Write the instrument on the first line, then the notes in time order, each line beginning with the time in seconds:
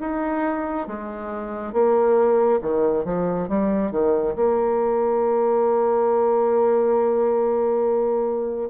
bassoon
0.00 D#4
0.87 G#3
1.73 A#3
2.62 D#3
3.05 F3
3.48 G3
3.91 D#3
4.36 A#3